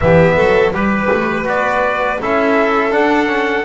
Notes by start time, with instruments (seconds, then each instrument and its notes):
0.00 double bass E3, trombone B3, violin G4, trumpet E5
0.36 double bass F#3, violin A4
0.71 double bass G3, trombone G4, trumpet B4, violin B4
1.12 double bass A3
1.44 double bass B3, trombone F#4, trumpet D5
2.20 double bass C#4, trombone E4, violin A4, trumpet E5
2.90 trombone D4, double bass D4, trumpet F#5
3.27 trombone C#4